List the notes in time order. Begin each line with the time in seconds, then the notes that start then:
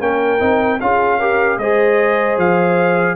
0.00 A#3 C#4 A#4 G5
0.39 C4 D#4
0.80 C#4 F4 G#4 F5
1.19 G4 A#4
1.58 G#3 G#4 C5 D#5
2.37 F3 F5